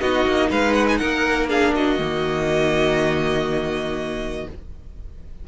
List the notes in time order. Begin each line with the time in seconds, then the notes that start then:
0.00 B3 D#4 F#4 D#5
0.26 A#3
0.49 G#3 B4 F5
0.73 F#5
0.89 G#5
0.97 A#3 A#4 F#5
1.49 D4 G#4 F5
1.75 F#4 D#5
1.99 D#3 A#3